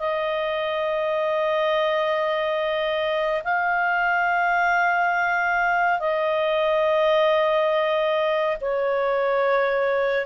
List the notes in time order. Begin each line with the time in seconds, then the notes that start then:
0.00 D#5
3.44 F5
6.00 D#5
8.61 C#5